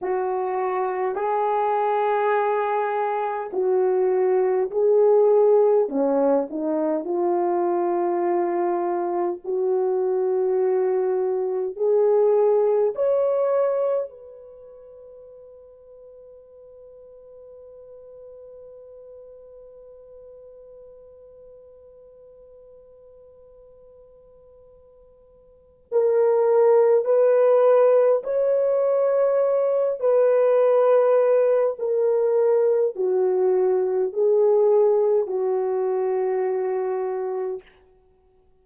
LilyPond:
\new Staff \with { instrumentName = "horn" } { \time 4/4 \tempo 4 = 51 fis'4 gis'2 fis'4 | gis'4 cis'8 dis'8 f'2 | fis'2 gis'4 cis''4 | b'1~ |
b'1~ | b'2 ais'4 b'4 | cis''4. b'4. ais'4 | fis'4 gis'4 fis'2 | }